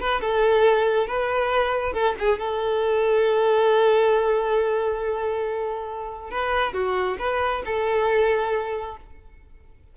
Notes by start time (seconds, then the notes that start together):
0.00 B4
0.21 A4
1.07 B4
1.93 A4
2.19 G#4
2.39 A4
6.31 B4
6.74 F#4
7.19 B4
7.66 A4